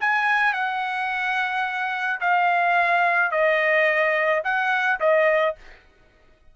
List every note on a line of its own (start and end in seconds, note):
0.00 0.53 G#5
0.53 2.19 F#5
2.20 3.31 F5
3.31 4.42 D#5
4.44 4.99 F#5
5.00 5.55 D#5